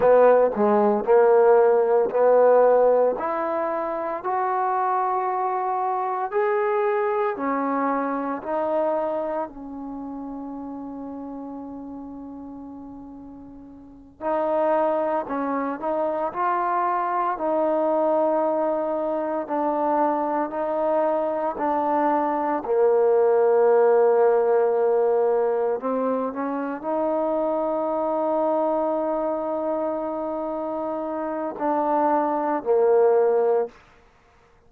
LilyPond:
\new Staff \with { instrumentName = "trombone" } { \time 4/4 \tempo 4 = 57 b8 gis8 ais4 b4 e'4 | fis'2 gis'4 cis'4 | dis'4 cis'2.~ | cis'4. dis'4 cis'8 dis'8 f'8~ |
f'8 dis'2 d'4 dis'8~ | dis'8 d'4 ais2~ ais8~ | ais8 c'8 cis'8 dis'2~ dis'8~ | dis'2 d'4 ais4 | }